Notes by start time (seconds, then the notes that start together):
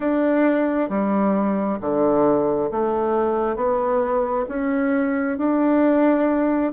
0.00 D4
0.89 G3
1.80 D3
2.71 A3
3.56 B3
4.48 C#4
5.37 D4